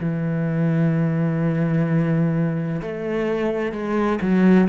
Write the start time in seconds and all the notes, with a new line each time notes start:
0.00 E3
2.82 A3
3.72 G#3
4.21 F#3